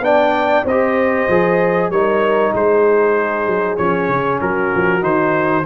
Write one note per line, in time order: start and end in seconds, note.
0.00 0.62 B3
0.00 0.65 D4
0.00 0.65 D5
0.00 0.66 G5
0.65 1.27 C4
0.65 1.30 G4
0.65 1.90 C5
0.65 1.90 D#5
1.28 1.89 F3
1.28 1.93 G#4
1.89 2.52 G3
1.89 3.78 D#4
1.89 2.54 A#4
1.89 2.53 C#5
2.54 3.46 G#3
2.54 4.42 G#4
2.54 3.77 C5
3.46 3.77 F#3
3.77 4.08 F3
3.77 5.01 C#4
3.77 4.39 C#5
4.08 4.40 C#3
4.41 4.72 F#3
4.41 5.65 F#4
4.41 5.03 A#4
4.74 5.02 F3
5.01 5.64 D#3
5.01 5.64 D#4
5.01 5.65 C5